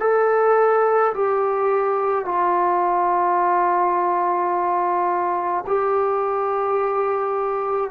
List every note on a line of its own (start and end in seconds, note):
0.00 1.13 A4
1.15 2.25 G4
2.25 5.65 F4
5.67 7.91 G4